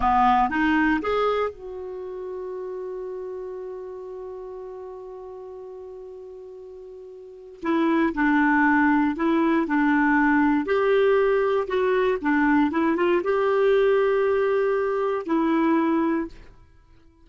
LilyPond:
\new Staff \with { instrumentName = "clarinet" } { \time 4/4 \tempo 4 = 118 b4 dis'4 gis'4 fis'4~ | fis'1~ | fis'1~ | fis'2. e'4 |
d'2 e'4 d'4~ | d'4 g'2 fis'4 | d'4 e'8 f'8 g'2~ | g'2 e'2 | }